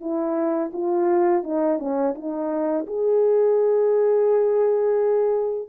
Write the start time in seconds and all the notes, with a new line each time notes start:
0.00 E4
0.73 F4
1.43 D#4
1.79 C#4
2.15 D#4
2.86 G#4